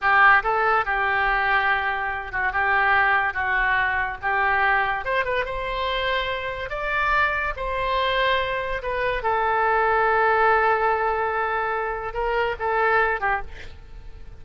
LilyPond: \new Staff \with { instrumentName = "oboe" } { \time 4/4 \tempo 4 = 143 g'4 a'4 g'2~ | g'4. fis'8 g'2 | fis'2 g'2 | c''8 b'8 c''2. |
d''2 c''2~ | c''4 b'4 a'2~ | a'1~ | a'4 ais'4 a'4. g'8 | }